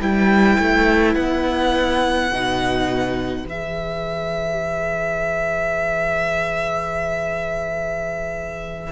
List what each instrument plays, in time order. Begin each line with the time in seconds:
0.00 cello G3, viola E4, violin B4 G5
0.59 cello A3
1.15 cello B3, violin F#5
2.32 cello B2, viola D#4
3.46 cello E3, viola G#4, violin E5